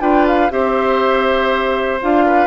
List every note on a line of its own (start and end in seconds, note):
0.00 0.50 D4
0.00 0.50 F4
0.00 0.51 B4
0.00 0.25 G5
0.27 0.51 F5
0.50 2.01 C4
0.50 2.00 G4
0.50 2.26 C5
0.50 2.01 E5
2.01 2.47 D4
2.01 2.47 F4
2.01 2.47 F5
2.26 2.47 B4